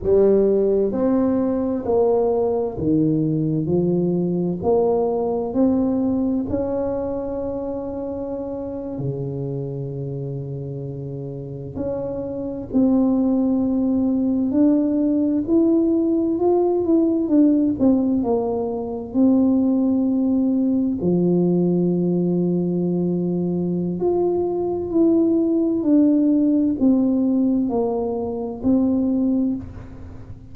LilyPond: \new Staff \with { instrumentName = "tuba" } { \time 4/4 \tempo 4 = 65 g4 c'4 ais4 dis4 | f4 ais4 c'4 cis'4~ | cis'4.~ cis'16 cis2~ cis16~ | cis8. cis'4 c'2 d'16~ |
d'8. e'4 f'8 e'8 d'8 c'8 ais16~ | ais8. c'2 f4~ f16~ | f2 f'4 e'4 | d'4 c'4 ais4 c'4 | }